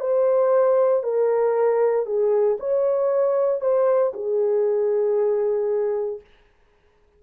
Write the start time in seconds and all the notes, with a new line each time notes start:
0.00 C5
1.03 A#4
2.06 G#4
2.60 C#5
3.61 C5
4.14 G#4